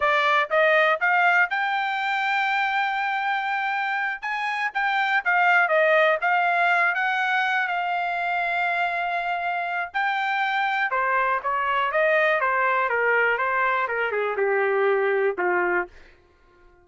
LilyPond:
\new Staff \with { instrumentName = "trumpet" } { \time 4/4 \tempo 4 = 121 d''4 dis''4 f''4 g''4~ | g''1~ | g''8 gis''4 g''4 f''4 dis''8~ | dis''8 f''4. fis''4. f''8~ |
f''1 | g''2 c''4 cis''4 | dis''4 c''4 ais'4 c''4 | ais'8 gis'8 g'2 f'4 | }